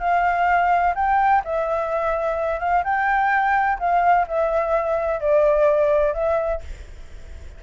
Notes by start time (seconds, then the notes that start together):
0.00 F5
0.95 G5
1.45 E5
2.60 F5
2.84 G5
3.80 F5
4.28 E5
5.21 D5
6.14 E5